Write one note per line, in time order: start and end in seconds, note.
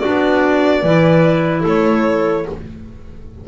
0.00 0.84 D4
0.00 0.81 F#4
0.00 1.62 D5
0.07 0.83 B3
0.81 1.65 E3
0.81 2.47 E4
0.81 1.62 B4
1.62 2.47 A3
1.62 2.43 A4
1.62 2.48 C#5